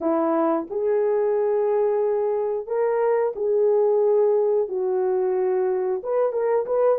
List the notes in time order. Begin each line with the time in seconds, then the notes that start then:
0.01 E4
0.69 G#4
2.66 A#4
3.35 G#4
4.68 F#4
6.03 B4
6.32 A#4
6.66 B4